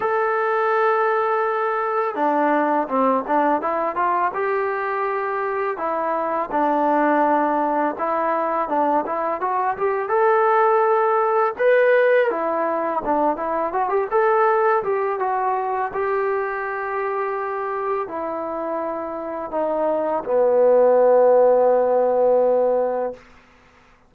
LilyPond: \new Staff \with { instrumentName = "trombone" } { \time 4/4 \tempo 4 = 83 a'2. d'4 | c'8 d'8 e'8 f'8 g'2 | e'4 d'2 e'4 | d'8 e'8 fis'8 g'8 a'2 |
b'4 e'4 d'8 e'8 fis'16 g'16 a'8~ | a'8 g'8 fis'4 g'2~ | g'4 e'2 dis'4 | b1 | }